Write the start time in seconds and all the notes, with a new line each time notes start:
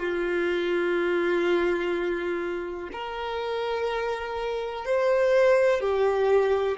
0.00 F4
2.93 A#4
4.86 C5
5.81 G4